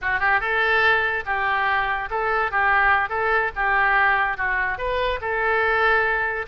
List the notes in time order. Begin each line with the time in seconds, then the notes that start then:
0.01 F#4
0.19 G4
0.40 A4
1.25 G4
2.10 A4
2.51 G4
3.09 A4
3.55 G4
4.37 F#4
4.78 B4
5.21 A4